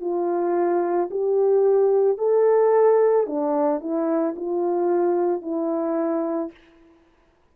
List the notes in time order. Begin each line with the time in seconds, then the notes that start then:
0.00 F4
1.10 G4
2.18 A4
3.26 D4
3.80 E4
4.36 F4
5.41 E4